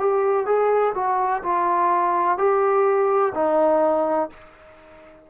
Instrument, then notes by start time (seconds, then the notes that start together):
trombone
0.00 G4
0.46 G#4
0.95 F#4
1.44 F4
2.38 G4
3.35 D#4